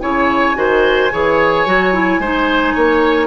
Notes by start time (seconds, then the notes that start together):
0.00 C#3 E4 C#5 G#5
0.55 D#3 F#4 C5
1.12 E3 G#4 C#5
1.66 F#3 F#4
1.93 E4
2.19 G#3 D#4 C5
2.74 A#3 C#5